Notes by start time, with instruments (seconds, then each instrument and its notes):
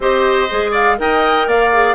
0.00 bassoon C4, clarinet G4, oboe C5, flute D#5
0.50 bassoon G#3, clarinet G#4
0.71 oboe D5, flute F5
0.97 bassoon D#4, clarinet A#4, oboe D#5, flute G5
1.47 bassoon A#3, oboe D5, flute F5
1.71 clarinet G#4